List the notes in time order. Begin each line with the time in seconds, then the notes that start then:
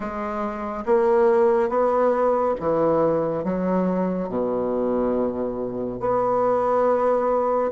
0.00 G#3
0.85 A#3
1.69 B3
2.59 E3
3.44 F#3
4.29 B2
6.00 B3